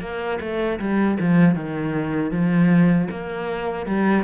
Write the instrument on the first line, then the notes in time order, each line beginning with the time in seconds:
cello
0.00 A#3
0.40 A3
0.79 G3
1.20 F3
1.55 D#3
2.31 F3
3.10 A#3
3.86 G3